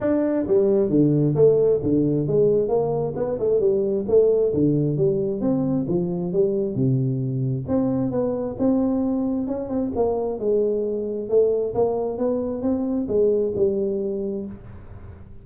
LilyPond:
\new Staff \with { instrumentName = "tuba" } { \time 4/4 \tempo 4 = 133 d'4 g4 d4 a4 | d4 gis4 ais4 b8 a8 | g4 a4 d4 g4 | c'4 f4 g4 c4~ |
c4 c'4 b4 c'4~ | c'4 cis'8 c'8 ais4 gis4~ | gis4 a4 ais4 b4 | c'4 gis4 g2 | }